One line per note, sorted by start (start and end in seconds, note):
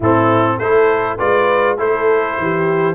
0.00 0.58 A2
0.00 0.61 C4
0.00 0.56 E4
0.00 0.58 A4
0.58 1.18 A3
0.58 1.18 E4
0.58 1.17 A4
0.58 1.18 C5
1.17 1.78 G#3
1.17 1.77 F4
1.17 1.77 B4
1.17 1.77 D5
1.77 2.37 A3
1.77 2.95 E4
1.77 2.38 A4
1.77 2.95 C5
2.38 2.95 E3
2.38 2.95 G4